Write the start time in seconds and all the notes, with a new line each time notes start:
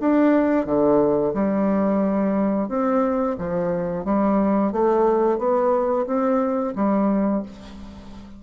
0.00 D4
0.66 D3
1.34 G3
2.69 C4
3.38 F3
4.04 G3
4.72 A3
5.38 B3
6.06 C4
6.75 G3